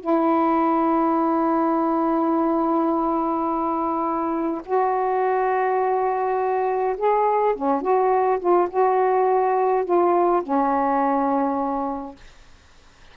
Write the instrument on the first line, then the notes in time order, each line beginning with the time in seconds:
saxophone
0.00 E4
4.65 F#4
6.97 G#4
7.56 C#4
7.81 F#4
8.39 F4
8.70 F#4
9.85 F4
10.43 C#4